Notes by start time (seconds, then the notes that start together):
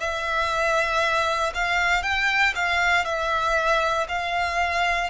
0.00 E5
1.54 F5
2.02 G5
2.55 F5
3.05 E5
4.08 F5